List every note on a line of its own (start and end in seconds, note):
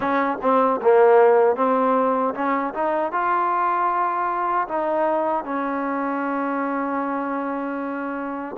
0.00 0.38 C#4
0.41 0.80 C4
0.81 1.55 A#3
1.55 2.33 C4
2.34 2.73 C#4
2.73 3.12 D#4
3.12 4.68 F4
4.68 5.44 D#4
5.44 8.56 C#4